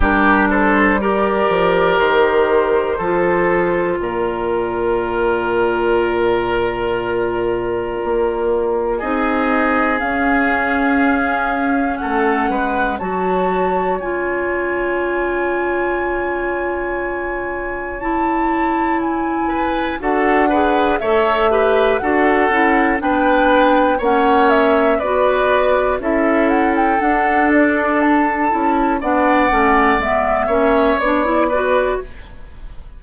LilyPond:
<<
  \new Staff \with { instrumentName = "flute" } { \time 4/4 \tempo 4 = 60 ais'8 c''8 d''4 c''2 | d''1~ | d''4 dis''4 f''2 | fis''4 a''4 gis''2~ |
gis''2 a''4 gis''4 | fis''4 e''4 fis''4 g''4 | fis''8 e''8 d''4 e''8 fis''16 g''16 fis''8 d''8 | a''4 fis''4 e''4 d''4 | }
  \new Staff \with { instrumentName = "oboe" } { \time 4/4 g'8 a'8 ais'2 a'4 | ais'1~ | ais'4 gis'2. | a'8 b'8 cis''2.~ |
cis''2.~ cis''8 b'8 | a'8 b'8 cis''8 b'8 a'4 b'4 | cis''4 b'4 a'2~ | a'4 d''4. cis''4 b'8 | }
  \new Staff \with { instrumentName = "clarinet" } { \time 4/4 d'4 g'2 f'4~ | f'1~ | f'4 dis'4 cis'2~ | cis'4 fis'4 f'2~ |
f'2 e'2 | fis'8 gis'8 a'8 g'8 fis'8 e'8 d'4 | cis'4 fis'4 e'4 d'4~ | d'8 e'8 d'8 cis'8 b8 cis'8 d'16 e'16 fis'8 | }
  \new Staff \with { instrumentName = "bassoon" } { \time 4/4 g4. f8 dis4 f4 | ais,1 | ais4 c'4 cis'2 | a8 gis8 fis4 cis'2~ |
cis'1 | d'4 a4 d'8 cis'8 b4 | ais4 b4 cis'4 d'4~ | d'8 cis'8 b8 a8 gis8 ais8 b4 | }
>>